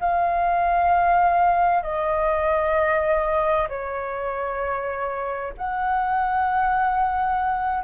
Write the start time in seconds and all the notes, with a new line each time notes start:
0.00 F5
1.83 D#5
3.69 C#5
5.57 F#5